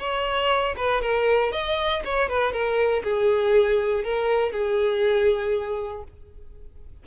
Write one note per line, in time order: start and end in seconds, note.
0.00 0.76 C#5
0.77 1.02 B4
1.02 1.52 A#4
1.52 2.03 D#5
2.05 2.29 C#5
2.29 2.53 B4
2.53 3.03 A#4
3.04 4.04 G#4
4.04 4.52 A#4
4.52 6.04 G#4